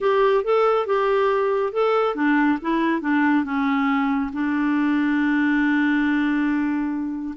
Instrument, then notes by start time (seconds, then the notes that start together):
clarinet
0.00 G4
0.44 A4
0.86 G4
1.73 A4
2.15 D4
2.61 E4
3.01 D4
3.44 C#4
4.32 D4